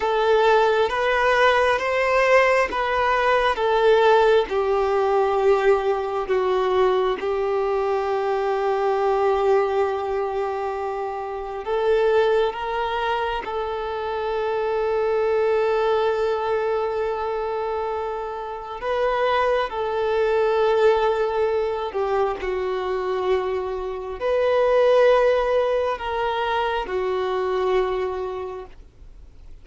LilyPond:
\new Staff \with { instrumentName = "violin" } { \time 4/4 \tempo 4 = 67 a'4 b'4 c''4 b'4 | a'4 g'2 fis'4 | g'1~ | g'4 a'4 ais'4 a'4~ |
a'1~ | a'4 b'4 a'2~ | a'8 g'8 fis'2 b'4~ | b'4 ais'4 fis'2 | }